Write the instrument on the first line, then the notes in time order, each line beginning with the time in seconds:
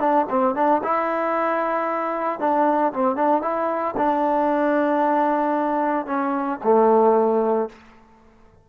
trombone
0.00 D4
0.30 C4
0.56 D4
0.84 E4
2.40 D4
2.93 C4
3.16 D4
3.42 E4
3.98 D4
6.07 C#4
6.64 A3